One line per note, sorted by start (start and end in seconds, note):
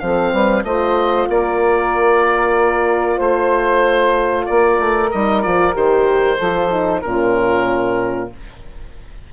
0.00 0.34 F3
0.00 0.65 C4
0.00 0.32 A4
0.00 0.64 F5
0.32 0.64 G3
0.32 0.64 B4
0.64 1.28 A3
0.64 5.12 F4
0.64 1.29 C5
0.64 1.29 D#5
1.29 3.20 A#3
1.29 3.17 A#4
1.29 3.21 D5
3.17 4.47 A3
3.17 4.45 C5
3.17 4.46 C5
4.46 4.79 A#3
4.46 6.37 A#4
4.46 5.10 D5
4.79 5.11 A3
5.12 5.46 G3
5.12 5.44 D#4
5.12 5.43 D#5
5.43 5.76 F3
5.43 5.74 F4
5.43 5.74 D5
5.74 6.40 D#3
5.74 6.38 G4
5.74 7.02 C5
6.37 7.05 F3
6.37 6.71 F4
6.37 7.01 A4
6.71 7.03 D#4
7.02 8.32 A#2
7.02 8.31 C#4
7.02 8.33 F4
7.02 8.29 A#4